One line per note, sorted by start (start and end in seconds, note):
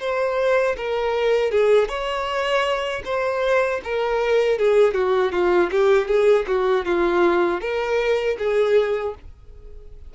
0.00 0.76 C5
0.77 1.51 A#4
1.51 1.88 G#4
1.88 3.02 C#5
3.05 3.81 C5
3.84 4.58 A#4
4.58 4.94 G#4
4.94 5.32 F#4
5.32 5.70 F4
5.71 6.08 G4
6.08 6.46 G#4
6.47 6.85 F#4
6.85 7.61 F4
7.61 8.37 A#4
8.39 9.14 G#4